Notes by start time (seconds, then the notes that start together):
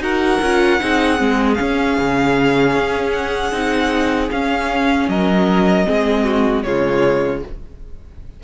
0.00 D#4 F#4 A#4 F#5
0.42 C#4 F4
0.80 C4 D#4 G#4
1.17 G#3 C4
1.54 C#4 F5
1.60 C#4
1.98 C#3
2.76 C#4
3.13 F#5
3.52 C4 D#4
4.31 C#4 F5
5.08 F#3 A#4 D#5
5.85 G#3 C4 G#4
6.24 F#4
6.63 C#3 G#3 F4 C#5